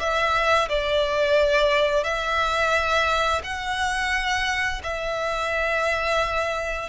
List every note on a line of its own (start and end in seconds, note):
0.00 0.69 E5
0.69 2.04 D5
2.04 3.42 E5
3.44 4.82 F#5
4.84 6.90 E5